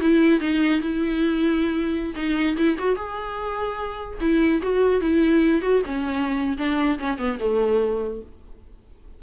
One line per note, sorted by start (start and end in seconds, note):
0.00 0.40 E4
0.40 0.81 D#4
0.81 2.14 E4
2.15 2.56 D#4
2.57 2.77 E4
2.78 2.95 F#4
2.95 4.19 G#4
4.20 4.61 E4
4.62 5.01 F#4
5.01 5.61 E4
5.61 5.82 F#4
5.85 6.57 C#4
6.57 6.98 D4
6.99 7.18 C#4
7.18 7.38 B3
7.39 8.22 A3